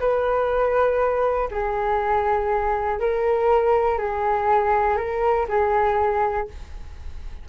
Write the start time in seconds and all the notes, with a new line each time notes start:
0.00 B4
1.51 G#4
3.00 A#4
3.98 G#4
4.97 A#4
5.49 G#4